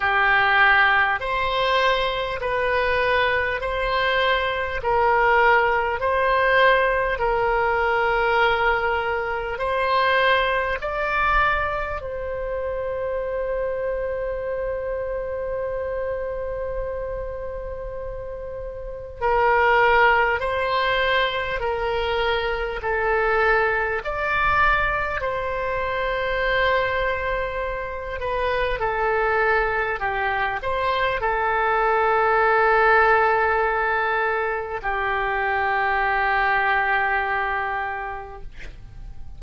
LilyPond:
\new Staff \with { instrumentName = "oboe" } { \time 4/4 \tempo 4 = 50 g'4 c''4 b'4 c''4 | ais'4 c''4 ais'2 | c''4 d''4 c''2~ | c''1 |
ais'4 c''4 ais'4 a'4 | d''4 c''2~ c''8 b'8 | a'4 g'8 c''8 a'2~ | a'4 g'2. | }